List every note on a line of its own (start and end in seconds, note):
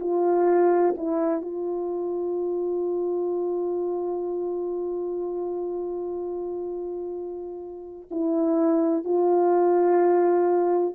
0.00 0.95 F4
0.97 1.42 E4
1.42 8.09 F4
8.11 9.05 E4
9.05 10.95 F4